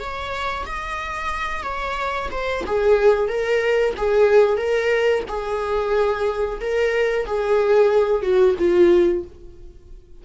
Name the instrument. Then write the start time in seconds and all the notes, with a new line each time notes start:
viola
0.00 C#5
0.66 D#5
1.64 C#5
2.31 C5
2.66 G#4
3.28 A#4
3.97 G#4
4.57 A#4
5.29 G#4
6.61 A#4
7.26 G#4
8.23 F#4
8.59 F4